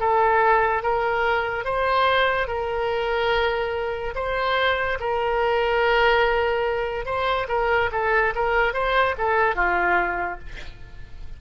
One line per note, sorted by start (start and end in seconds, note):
0.00 0.83 A4
0.83 1.65 A#4
1.65 2.48 C5
2.48 4.15 A#4
4.16 4.99 C5
5.00 7.06 A#4
7.06 7.47 C5
7.49 7.91 A#4
7.92 8.34 A4
8.35 8.74 A#4
8.74 9.16 C5
9.18 9.56 A4
9.56 10.39 F4